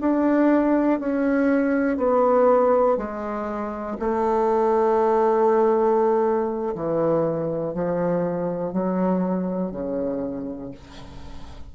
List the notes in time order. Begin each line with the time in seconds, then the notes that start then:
0.00 D4
1.00 C#4
1.97 B3
2.97 G#3
3.99 A3
6.75 E3
7.74 F3
8.72 F#3
9.71 C#3